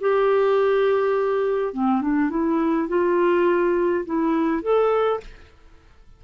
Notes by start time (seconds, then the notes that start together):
0.00 G4
1.73 C4
2.01 D4
2.30 E4
2.88 F4
4.05 E4
4.62 A4